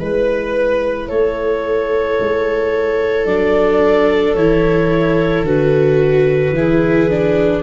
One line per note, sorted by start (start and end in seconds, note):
0.00 1.10 G#3
0.00 3.27 E4
0.00 1.09 B4
1.09 2.19 A3
1.09 6.55 A4
1.09 3.26 C#5
2.21 3.26 G#3
3.26 4.35 F#3
3.26 4.36 D4
3.26 4.35 D5
4.35 5.43 E3
4.35 5.46 E4
4.35 5.44 C#5
5.43 6.51 D3
5.43 6.55 F#4
5.43 7.63 B4
6.51 7.60 E3
6.51 7.10 E4
6.51 7.63 G#4
7.10 7.63 D4